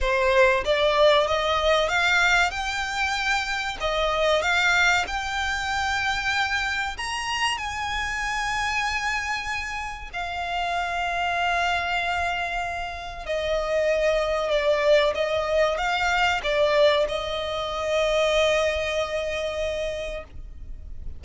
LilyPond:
\new Staff \with { instrumentName = "violin" } { \time 4/4 \tempo 4 = 95 c''4 d''4 dis''4 f''4 | g''2 dis''4 f''4 | g''2. ais''4 | gis''1 |
f''1~ | f''4 dis''2 d''4 | dis''4 f''4 d''4 dis''4~ | dis''1 | }